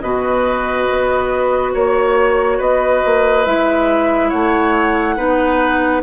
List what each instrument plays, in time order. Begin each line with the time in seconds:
0.00 bassoon B2, clarinet F#4, oboe B4, flute D#5
0.90 bassoon B3
1.73 bassoon A#3, oboe C#5, flute C#5
2.57 bassoon B3, oboe B4, flute D#5
3.05 bassoon A#3
3.45 bassoon G#3, clarinet E4, flute E5
4.29 bassoon A3, oboe C#5, flute F#5
5.16 bassoon B3, clarinet D#4, oboe B4